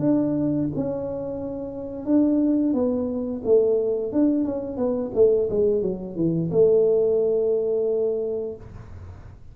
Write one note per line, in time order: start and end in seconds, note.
0.00 0.68 D4
0.76 2.06 C#4
2.06 2.74 D4
2.74 3.42 B3
3.45 4.13 A3
4.13 4.45 D4
4.45 4.77 C#4
4.77 5.11 B3
5.15 5.49 A3
5.50 5.82 G#3
5.82 6.16 F#3
6.16 6.50 E3
6.51 8.56 A3